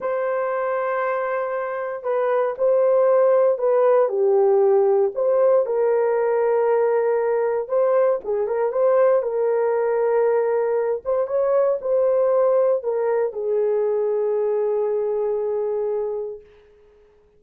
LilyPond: \new Staff \with { instrumentName = "horn" } { \time 4/4 \tempo 4 = 117 c''1 | b'4 c''2 b'4 | g'2 c''4 ais'4~ | ais'2. c''4 |
gis'8 ais'8 c''4 ais'2~ | ais'4. c''8 cis''4 c''4~ | c''4 ais'4 gis'2~ | gis'1 | }